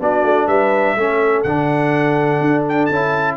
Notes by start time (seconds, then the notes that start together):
0.00 B3 D4 F#4 D5
0.24 A3
0.47 G3 B4 E5
0.96 A3 C#4 A4
1.43 D3 D4 F#5
2.40 D4
2.69 G5
2.86 C#4 A5
2.92 E4